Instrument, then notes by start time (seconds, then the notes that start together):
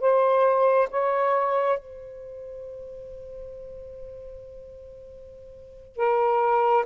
saxophone
0.00 C5
0.90 C#5
1.79 C5
5.96 A#4